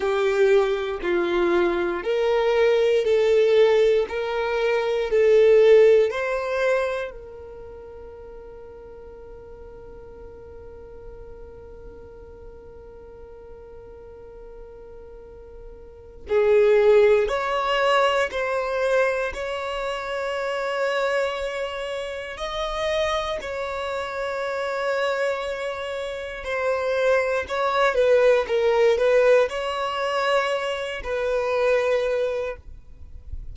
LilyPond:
\new Staff \with { instrumentName = "violin" } { \time 4/4 \tempo 4 = 59 g'4 f'4 ais'4 a'4 | ais'4 a'4 c''4 ais'4~ | ais'1~ | ais'1 |
gis'4 cis''4 c''4 cis''4~ | cis''2 dis''4 cis''4~ | cis''2 c''4 cis''8 b'8 | ais'8 b'8 cis''4. b'4. | }